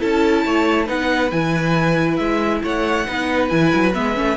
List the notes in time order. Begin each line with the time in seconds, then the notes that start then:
0.00 C#4 E4 A4 A5
0.46 A3 C#5
0.86 B3 D#4 B4 F#5
1.31 E3 E4 G#5
2.17 G#3 E5
2.63 A3 C#5 F#5
3.07 B3 D#4 B4
3.49 E3 E4 G#5
3.75 F#3
3.94 G#3 B3 E5
4.15 A3 C#4